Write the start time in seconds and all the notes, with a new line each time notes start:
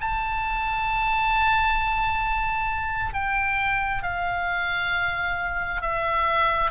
0.00 A5
3.13 G5
4.03 F5
5.82 E5